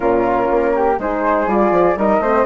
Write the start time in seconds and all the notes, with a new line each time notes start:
0.00 A#2 C#4 F4 A#4
0.50 A#3
0.75 G4
0.98 G#3 D#4 G#4 C5
1.47 G3 F4 D5
1.71 F3
1.96 G3 D#4 A#4 D#5
2.19 A3 C4 C5